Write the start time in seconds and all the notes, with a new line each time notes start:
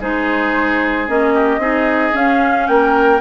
0.00 G#3 D#4 G#4 C5
1.07 A#3 C#4 D#5
1.34 G4
1.58 C4 D#4 G#4
2.12 C#4 F5
2.67 A#3 A#4 G5